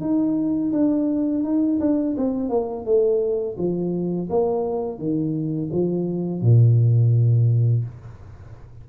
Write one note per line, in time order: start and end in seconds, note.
0.00 0.71 D#4
0.72 1.43 D4
1.43 1.79 D#4
1.80 2.16 D4
2.17 2.49 C4
2.49 2.85 A#3
2.85 3.56 A3
3.57 4.29 F3
4.29 4.98 A#3
4.98 5.69 D#3
5.71 6.41 F3
6.41 7.84 A#2